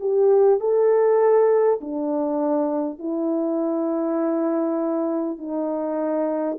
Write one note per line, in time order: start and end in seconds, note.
0.00 0.60 G4
0.60 1.80 A4
1.81 2.99 D4
2.99 5.38 E4
5.38 6.58 D#4